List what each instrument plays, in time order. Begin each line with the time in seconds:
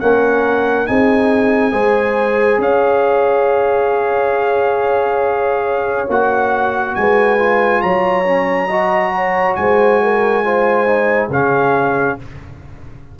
0.00 tuba A#3, trombone C#4, horn A#4, trumpet F#5
0.86 tuba C4, trombone D#4, horn G#4, trumpet G#5
1.72 tuba G#3, trombone G#4, horn C5
2.58 tuba C#4, horn C#5, trumpet F5
6.09 tuba A#3, trombone F#4, trumpet F#5
6.95 tuba G#3, horn B4, trumpet G#5
7.39 trombone F4
7.82 tuba F#3, horn C#5, trumpet A#5
8.26 trombone C#4
8.68 trombone F#4, horn D#5
9.15 horn C#5
9.56 tuba G#3, horn C5, trumpet G#5
10.03 horn A#4
10.45 trombone F4, horn C5
10.87 trombone D#4
11.29 tuba C#3, trombone C#4, horn G#4, trumpet F5